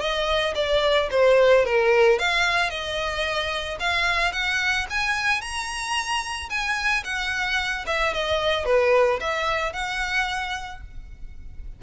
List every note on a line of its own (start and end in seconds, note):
0.00 0.54 D#5
0.55 1.09 D5
1.11 1.65 C5
1.65 2.19 A#4
2.19 2.70 F5
2.70 3.78 D#5
3.80 4.32 F5
4.32 4.86 F#5
4.90 5.41 G#5
5.41 6.49 A#5
6.50 7.04 G#5
7.04 7.85 F#5
7.86 8.14 E5
8.14 8.65 D#5
8.65 9.19 B4
9.20 9.73 E5
9.73 10.81 F#5